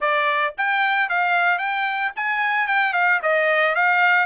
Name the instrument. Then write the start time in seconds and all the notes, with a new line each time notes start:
trumpet
0.00 D5
0.57 G5
1.09 F5
1.58 G5
2.16 G#5
2.67 G5
2.93 F5
3.22 D#5
3.75 F5